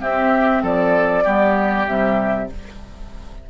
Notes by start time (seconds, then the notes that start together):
0.00 C4 G4 E5
0.63 F3 A4 D5
1.24 G3 B3 G4
1.87 C3 G3 E5